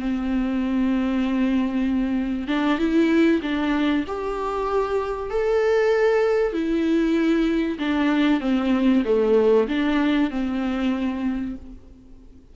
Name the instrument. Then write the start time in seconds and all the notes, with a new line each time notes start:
viola
0.00 C4
2.48 D4
2.79 E4
3.43 D4
4.08 G4
5.30 A4
6.53 E4
7.79 D4
8.41 C4
9.05 A3
9.68 D4
10.31 C4